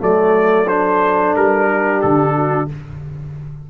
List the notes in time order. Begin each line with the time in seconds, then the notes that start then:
0.00 F#3 A3 A4 D5
0.68 D4 C5
1.36 G3 A#4
1.70 G4
2.02 D3 A4
2.35 F#4